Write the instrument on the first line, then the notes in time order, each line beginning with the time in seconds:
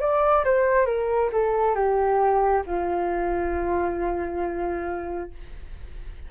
flute
0.00 D5
0.45 C5
0.86 A#4
1.32 A4
1.75 G4
2.66 F4